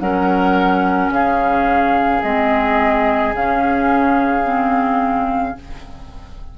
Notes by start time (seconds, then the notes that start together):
0.00 F#3 C#4 A#4 F#5
1.09 C#3 G#4 F5
2.23 G#3 C4 D#5
3.33 C#3 C#4 F5
4.44 C4